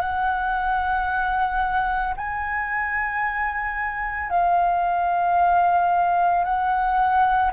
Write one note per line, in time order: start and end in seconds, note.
0.00 2.14 F#5
2.17 4.30 G#5
4.30 6.44 F5
6.44 7.51 F#5